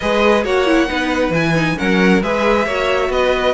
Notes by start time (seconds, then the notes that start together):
0.00 G#3 G#4 B4 D#5
0.44 A#3 F#4 C#5 F#5
0.66 E4
0.87 B3 D#4 B4
1.29 E3 E4 G#5
1.54 D#4
1.76 F#3 C#4 A#4 F#5
2.22 G#3 G#4 B4 E5
2.65 A#3 F#4 C#5
3.09 B3 B4 D#5